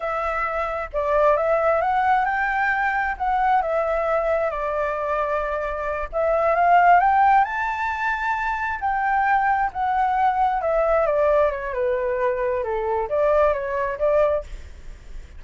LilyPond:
\new Staff \with { instrumentName = "flute" } { \time 4/4 \tempo 4 = 133 e''2 d''4 e''4 | fis''4 g''2 fis''4 | e''2 d''2~ | d''4. e''4 f''4 g''8~ |
g''8 a''2. g''8~ | g''4. fis''2 e''8~ | e''8 d''4 cis''8 b'2 | a'4 d''4 cis''4 d''4 | }